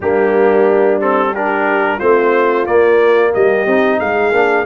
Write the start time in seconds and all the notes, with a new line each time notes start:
0.00 G3 A#3 D4 G4
1.01 C4 A4
1.30 D4 G4 A#4
1.98 A3 C4 F4 C5
2.66 A#3 D5
3.33 G3 G4 D#5
3.66 C4 D#4
3.99 G#3 G#4 F5
4.31 A#3 D4